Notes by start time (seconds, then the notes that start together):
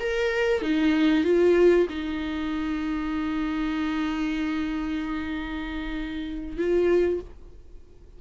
0.00 A#4
0.62 D#4
1.24 F4
1.89 D#4
6.57 F4